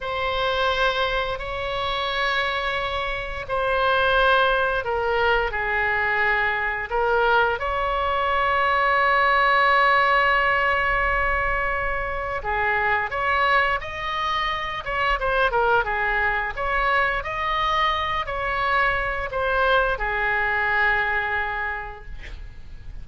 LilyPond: \new Staff \with { instrumentName = "oboe" } { \time 4/4 \tempo 4 = 87 c''2 cis''2~ | cis''4 c''2 ais'4 | gis'2 ais'4 cis''4~ | cis''1~ |
cis''2 gis'4 cis''4 | dis''4. cis''8 c''8 ais'8 gis'4 | cis''4 dis''4. cis''4. | c''4 gis'2. | }